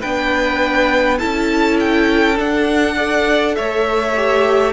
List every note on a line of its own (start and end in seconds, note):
0.00 1.21 B3
0.00 1.18 D4
0.00 1.18 B4
0.00 1.18 G5
1.18 2.39 C#4
1.18 2.36 E4
1.18 2.95 A4
1.18 1.77 A5
1.79 2.38 G5
2.36 2.95 D4
2.36 3.57 D4
2.36 3.55 F#5
2.96 4.13 A4
2.96 3.55 D5
3.55 4.73 A3
3.55 4.73 C#5
3.55 4.73 E5
4.16 4.73 G4